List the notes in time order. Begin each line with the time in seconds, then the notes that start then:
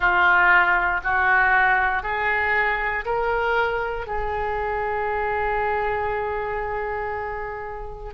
0.00 F4
1.04 F#4
2.02 G#4
3.05 A#4
4.06 G#4